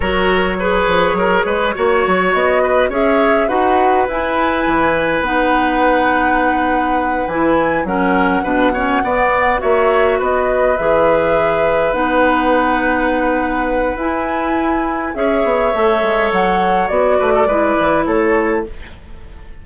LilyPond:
<<
  \new Staff \with { instrumentName = "flute" } { \time 4/4 \tempo 4 = 103 cis''1 | dis''4 e''4 fis''4 gis''4~ | gis''4 fis''2.~ | fis''8 gis''4 fis''2~ fis''8~ |
fis''8 e''4 dis''4 e''4.~ | e''8 fis''2.~ fis''8 | gis''2 e''2 | fis''4 d''2 cis''4 | }
  \new Staff \with { instrumentName = "oboe" } { \time 4/4 ais'4 b'4 ais'8 b'8 cis''4~ | cis''8 b'8 cis''4 b'2~ | b'1~ | b'4. ais'4 b'8 cis''8 d''8~ |
d''8 cis''4 b'2~ b'8~ | b'1~ | b'2 cis''2~ | cis''4. b'16 a'16 b'4 a'4 | }
  \new Staff \with { instrumentName = "clarinet" } { \time 4/4 fis'4 gis'2 fis'4~ | fis'4 gis'4 fis'4 e'4~ | e'4 dis'2.~ | dis'8 e'4 cis'4 d'8 cis'8 b8~ |
b8 fis'2 gis'4.~ | gis'8 dis'2.~ dis'8 | e'2 gis'4 a'4~ | a'4 fis'4 e'2 | }
  \new Staff \with { instrumentName = "bassoon" } { \time 4/4 fis4. f8 fis8 gis8 ais8 fis8 | b4 cis'4 dis'4 e'4 | e4 b2.~ | b8 e4 fis4 b,4 b8~ |
b8 ais4 b4 e4.~ | e8 b2.~ b8 | e'2 cis'8 b8 a8 gis8 | fis4 b8 a8 gis8 e8 a4 | }
>>